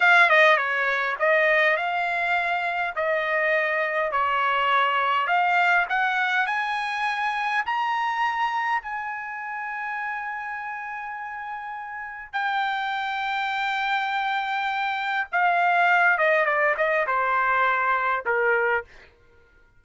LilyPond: \new Staff \with { instrumentName = "trumpet" } { \time 4/4 \tempo 4 = 102 f''8 dis''8 cis''4 dis''4 f''4~ | f''4 dis''2 cis''4~ | cis''4 f''4 fis''4 gis''4~ | gis''4 ais''2 gis''4~ |
gis''1~ | gis''4 g''2.~ | g''2 f''4. dis''8 | d''8 dis''8 c''2 ais'4 | }